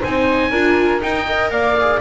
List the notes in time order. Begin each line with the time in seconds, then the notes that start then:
0.00 C4 D#4 C5 G#5
0.50 D4 F4 A#4
1.01 D#4 G5
1.27 A#4 D#5
1.51 A#3 D5 F5
1.81 G#4